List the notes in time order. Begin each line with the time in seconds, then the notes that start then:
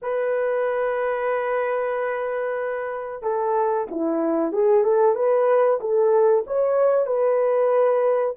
0.02 B4
3.22 A4
3.90 E4
4.52 G#4
4.84 A4
5.15 B4
5.80 A4
6.47 C#5
7.06 B4